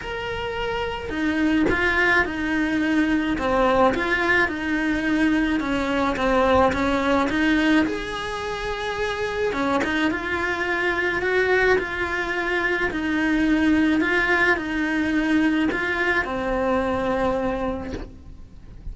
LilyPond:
\new Staff \with { instrumentName = "cello" } { \time 4/4 \tempo 4 = 107 ais'2 dis'4 f'4 | dis'2 c'4 f'4 | dis'2 cis'4 c'4 | cis'4 dis'4 gis'2~ |
gis'4 cis'8 dis'8 f'2 | fis'4 f'2 dis'4~ | dis'4 f'4 dis'2 | f'4 c'2. | }